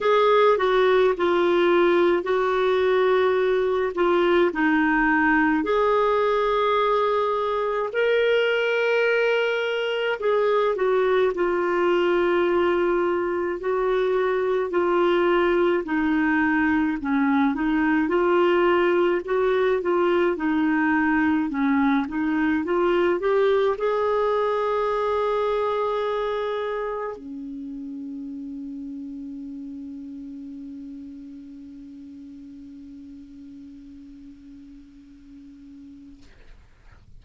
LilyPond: \new Staff \with { instrumentName = "clarinet" } { \time 4/4 \tempo 4 = 53 gis'8 fis'8 f'4 fis'4. f'8 | dis'4 gis'2 ais'4~ | ais'4 gis'8 fis'8 f'2 | fis'4 f'4 dis'4 cis'8 dis'8 |
f'4 fis'8 f'8 dis'4 cis'8 dis'8 | f'8 g'8 gis'2. | cis'1~ | cis'1 | }